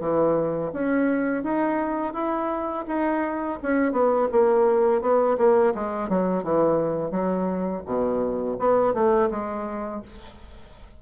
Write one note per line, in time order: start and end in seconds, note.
0.00 0.71 E3
0.73 1.43 C#4
1.43 2.13 D#4
2.13 2.85 E4
2.87 3.59 D#4
3.62 3.92 C#4
3.92 4.28 B3
4.31 5.01 A#3
5.01 5.37 B3
5.38 5.73 A#3
5.74 6.09 G#3
6.09 6.43 F#3
6.43 7.11 E3
7.11 7.82 F#3
7.86 8.57 B2
8.59 8.94 B3
8.94 9.30 A3
9.31 10.02 G#3